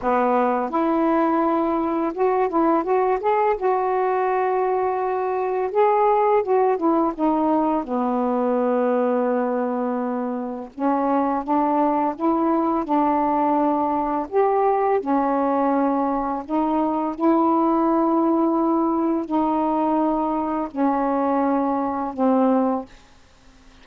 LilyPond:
\new Staff \with { instrumentName = "saxophone" } { \time 4/4 \tempo 4 = 84 b4 e'2 fis'8 e'8 | fis'8 gis'8 fis'2. | gis'4 fis'8 e'8 dis'4 b4~ | b2. cis'4 |
d'4 e'4 d'2 | g'4 cis'2 dis'4 | e'2. dis'4~ | dis'4 cis'2 c'4 | }